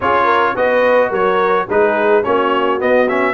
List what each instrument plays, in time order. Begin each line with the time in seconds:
0.00 tuba C#4, trombone F4, horn G#4, trumpet C#5
0.24 horn A#4
0.55 tuba B3, trombone F#4, horn B4, trumpet D#5
1.08 tuba F#3, horn A#4, trumpet C#5
1.67 tuba G#3, trombone D#4, horn G#4, trumpet B4
2.23 tuba A#3, trombone C#4, horn F#4, trumpet C#5
2.79 trombone B3, tuba B3, trumpet D#5
3.08 trombone C#4, trumpet E5